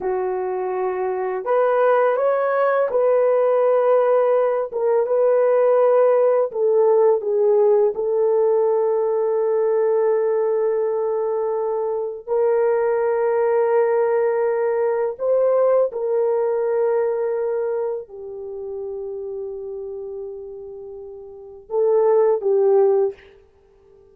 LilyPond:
\new Staff \with { instrumentName = "horn" } { \time 4/4 \tempo 4 = 83 fis'2 b'4 cis''4 | b'2~ b'8 ais'8 b'4~ | b'4 a'4 gis'4 a'4~ | a'1~ |
a'4 ais'2.~ | ais'4 c''4 ais'2~ | ais'4 g'2.~ | g'2 a'4 g'4 | }